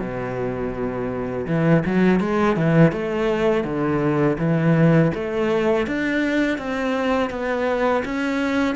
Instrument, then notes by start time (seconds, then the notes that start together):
cello
0.00 B2
1.47 E3
1.86 F#3
2.21 G#3
2.56 E3
2.92 A3
3.64 D3
4.39 E3
5.15 A3
5.87 D4
6.58 C4
7.30 B3
8.05 C#4